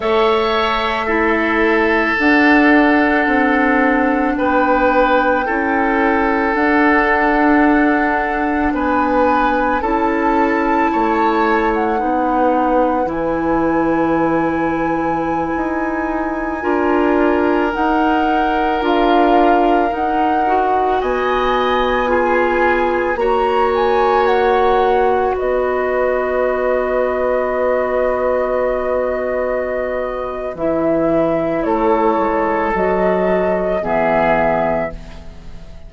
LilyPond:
<<
  \new Staff \with { instrumentName = "flute" } { \time 4/4 \tempo 4 = 55 e''2 fis''2 | g''2 fis''2 | gis''4 a''4.~ a''16 fis''4~ fis''16 | gis''1~ |
gis''16 fis''4 f''4 fis''4 gis''8.~ | gis''4~ gis''16 ais''8 gis''8 fis''4 dis''8.~ | dis''1 | e''4 cis''4 dis''4 e''4 | }
  \new Staff \with { instrumentName = "oboe" } { \time 4/4 cis''4 a'2. | b'4 a'2. | b'4 a'4 cis''4 b'4~ | b'2.~ b'16 ais'8.~ |
ais'2.~ ais'16 dis''8.~ | dis''16 gis'4 cis''2 b'8.~ | b'1~ | b'4 a'2 gis'4 | }
  \new Staff \with { instrumentName = "clarinet" } { \time 4/4 a'4 e'4 d'2~ | d'4 e'4 d'2~ | d'4 e'2 dis'4 | e'2.~ e'16 f'8.~ |
f'16 dis'4 f'4 dis'8 fis'4~ fis'16~ | fis'16 f'4 fis'2~ fis'8.~ | fis'1 | e'2 fis'4 b4 | }
  \new Staff \with { instrumentName = "bassoon" } { \time 4/4 a2 d'4 c'4 | b4 cis'4 d'2 | b4 cis'4 a4 b4 | e2~ e16 dis'4 d'8.~ |
d'16 dis'4 d'4 dis'4 b8.~ | b4~ b16 ais2 b8.~ | b1 | e4 a8 gis8 fis4 e4 | }
>>